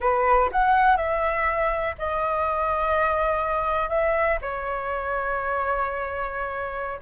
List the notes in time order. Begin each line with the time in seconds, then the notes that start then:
0.00 B4
0.51 F#5
0.96 E5
1.98 D#5
3.89 E5
4.41 C#5